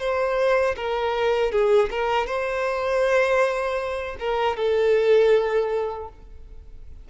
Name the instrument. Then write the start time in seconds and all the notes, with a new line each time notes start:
violin
0.00 C5
0.77 A#4
1.52 G#4
1.91 A#4
2.27 C5
4.20 A#4
4.57 A4